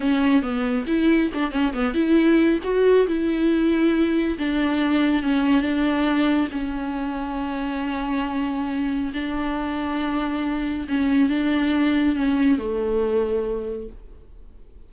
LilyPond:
\new Staff \with { instrumentName = "viola" } { \time 4/4 \tempo 4 = 138 cis'4 b4 e'4 d'8 cis'8 | b8 e'4. fis'4 e'4~ | e'2 d'2 | cis'4 d'2 cis'4~ |
cis'1~ | cis'4 d'2.~ | d'4 cis'4 d'2 | cis'4 a2. | }